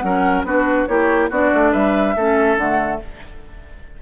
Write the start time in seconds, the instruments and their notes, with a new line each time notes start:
0.00 bassoon F#3, clarinet C#4, oboe A#4, flute F#5
0.43 bassoon B3, clarinet D4, oboe F#4, flute B4
0.86 bassoon A#3, clarinet E4, oboe G4, flute C#5
1.30 bassoon B3, clarinet D4, oboe F#4, flute D5
1.53 bassoon A3
1.72 bassoon G3, oboe B4, flute E5
2.16 bassoon A3, clarinet C#4, oboe A4
2.57 bassoon D3, clarinet A3, flute F#5